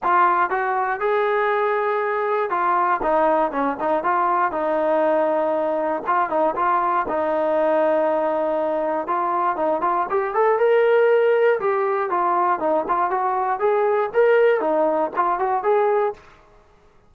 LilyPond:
\new Staff \with { instrumentName = "trombone" } { \time 4/4 \tempo 4 = 119 f'4 fis'4 gis'2~ | gis'4 f'4 dis'4 cis'8 dis'8 | f'4 dis'2. | f'8 dis'8 f'4 dis'2~ |
dis'2 f'4 dis'8 f'8 | g'8 a'8 ais'2 g'4 | f'4 dis'8 f'8 fis'4 gis'4 | ais'4 dis'4 f'8 fis'8 gis'4 | }